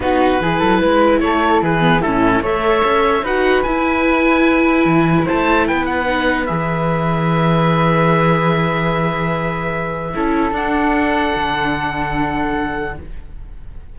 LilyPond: <<
  \new Staff \with { instrumentName = "oboe" } { \time 4/4 \tempo 4 = 148 b'2. cis''4 | b'4 a'4 e''2 | fis''4 gis''2.~ | gis''4 a''4 g''8 fis''4. |
e''1~ | e''1~ | e''2 fis''2~ | fis''1 | }
  \new Staff \with { instrumentName = "flute" } { \time 4/4 fis'4 gis'8 a'8 b'4 a'4 | gis'4 e'4 cis''2 | b'1~ | b'4 c''4 b'2~ |
b'1~ | b'1~ | b'4 a'2.~ | a'1 | }
  \new Staff \with { instrumentName = "viola" } { \time 4/4 dis'4 e'2.~ | e'8 b8 cis'4 a'2 | fis'4 e'2.~ | e'2. dis'4 |
gis'1~ | gis'1~ | gis'4 e'4 d'2~ | d'1 | }
  \new Staff \with { instrumentName = "cello" } { \time 4/4 b4 e8 fis8 gis4 a4 | e4 a,4 a4 cis'4 | dis'4 e'2. | e4 a4 b2 |
e1~ | e1~ | e4 cis'4 d'2 | d1 | }
>>